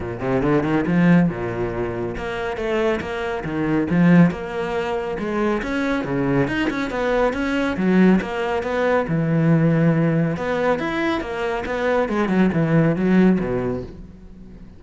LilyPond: \new Staff \with { instrumentName = "cello" } { \time 4/4 \tempo 4 = 139 ais,8 c8 d8 dis8 f4 ais,4~ | ais,4 ais4 a4 ais4 | dis4 f4 ais2 | gis4 cis'4 cis4 dis'8 cis'8 |
b4 cis'4 fis4 ais4 | b4 e2. | b4 e'4 ais4 b4 | gis8 fis8 e4 fis4 b,4 | }